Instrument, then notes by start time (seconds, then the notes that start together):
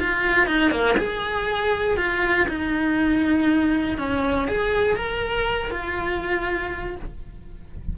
cello
0.00 F4
0.47 D#4
0.71 A#3
0.98 G#4
1.97 F4
2.49 D#4
3.98 C#4
4.48 G#4
4.97 A#4
5.71 F4